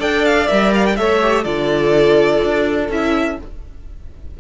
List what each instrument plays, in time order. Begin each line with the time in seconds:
0.00 cello D4, viola A4, violin D5 G5
0.26 violin F5
0.48 cello G3, viola A#4, violin E5
0.75 violin F5
0.86 violin G5
0.97 cello A3, viola A4, violin C#5 E5
1.22 viola G4
1.44 cello D3, viola F4, violin A4 D5
2.44 cello D4
2.89 cello C#4, viola E4, violin E5